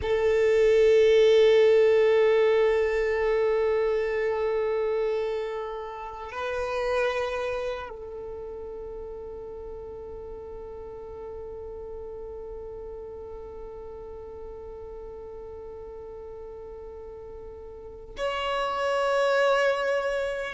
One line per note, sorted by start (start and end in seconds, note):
0.02 6.31 A4
6.31 7.89 B4
7.89 18.15 A4
18.17 20.53 C#5